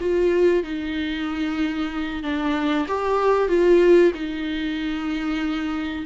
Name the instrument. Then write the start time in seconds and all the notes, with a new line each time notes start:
viola
0.00 F4
0.64 D#4
2.23 D4
2.88 G4
3.48 F4
4.15 D#4